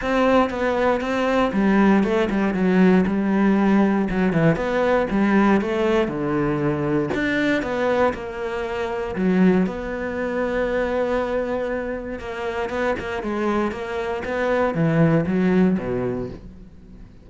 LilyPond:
\new Staff \with { instrumentName = "cello" } { \time 4/4 \tempo 4 = 118 c'4 b4 c'4 g4 | a8 g8 fis4 g2 | fis8 e8 b4 g4 a4 | d2 d'4 b4 |
ais2 fis4 b4~ | b1 | ais4 b8 ais8 gis4 ais4 | b4 e4 fis4 b,4 | }